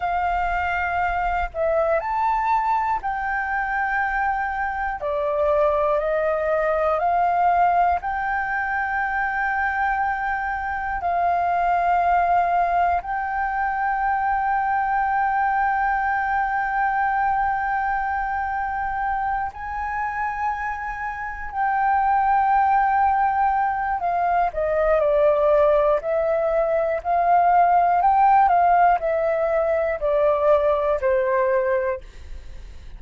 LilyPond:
\new Staff \with { instrumentName = "flute" } { \time 4/4 \tempo 4 = 60 f''4. e''8 a''4 g''4~ | g''4 d''4 dis''4 f''4 | g''2. f''4~ | f''4 g''2.~ |
g''2.~ g''8 gis''8~ | gis''4. g''2~ g''8 | f''8 dis''8 d''4 e''4 f''4 | g''8 f''8 e''4 d''4 c''4 | }